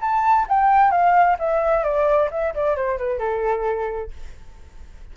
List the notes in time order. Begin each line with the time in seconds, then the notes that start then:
0.00 A5
0.48 G5
0.91 F5
1.39 E5
1.83 D5
2.31 E5
2.54 D5
2.75 C5
2.97 B4
3.19 A4